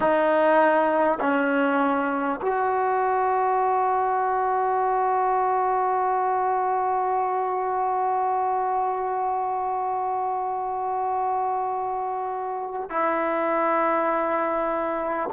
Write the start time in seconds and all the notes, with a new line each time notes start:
0.00 D#4
1.19 C#4
2.41 F#4
12.89 E4